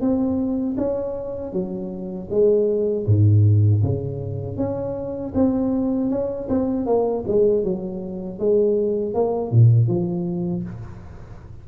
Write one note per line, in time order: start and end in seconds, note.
0.00 0.76 C4
0.77 1.52 C#4
1.52 2.28 F#3
2.30 3.06 G#3
3.06 3.82 G#2
3.82 4.56 C#3
4.56 5.32 C#4
5.34 6.10 C4
6.10 6.48 C#4
6.49 6.86 C4
6.86 7.24 A#3
7.27 7.63 G#3
7.63 8.39 F#3
8.39 9.14 G#3
9.14 9.51 A#3
9.51 9.87 A#2
9.87 10.63 F3